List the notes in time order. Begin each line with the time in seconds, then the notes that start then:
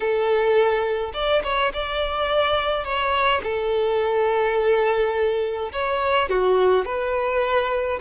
0.00 A4
1.13 D5
1.43 C#5
1.73 D5
2.84 C#5
3.43 A4
5.72 C#5
6.29 F#4
6.85 B4